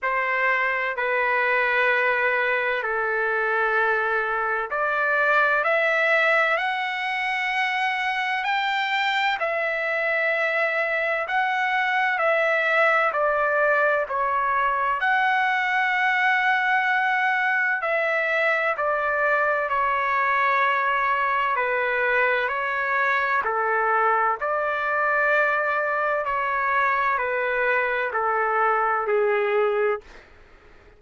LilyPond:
\new Staff \with { instrumentName = "trumpet" } { \time 4/4 \tempo 4 = 64 c''4 b'2 a'4~ | a'4 d''4 e''4 fis''4~ | fis''4 g''4 e''2 | fis''4 e''4 d''4 cis''4 |
fis''2. e''4 | d''4 cis''2 b'4 | cis''4 a'4 d''2 | cis''4 b'4 a'4 gis'4 | }